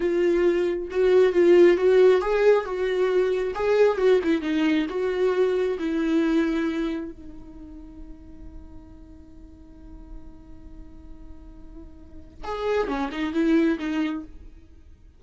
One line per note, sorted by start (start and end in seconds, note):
0.00 0.88 F4
0.90 1.33 F#4
1.33 1.77 F4
1.77 2.21 F#4
2.21 2.65 G#4
2.65 3.54 F#4
3.54 3.97 G#4
3.97 4.19 F#4
4.23 4.41 E4
4.41 4.86 D#4
4.89 5.78 F#4
5.78 7.11 E4
7.11 12.44 D#4
12.44 12.87 G#4
12.87 13.09 C#4
13.11 13.33 D#4
13.33 13.77 E4
13.79 14.23 D#4